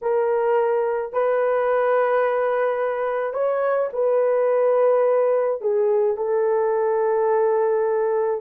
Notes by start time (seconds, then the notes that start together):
0.01 A#4
1.12 B4
3.33 C#5
3.93 B4
5.61 G#4
6.16 A4